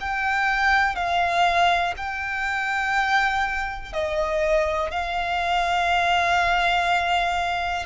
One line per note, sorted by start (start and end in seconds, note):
0.00 0.95 G5
0.95 1.93 F5
1.97 3.93 G5
3.93 4.90 D#5
4.90 7.85 F5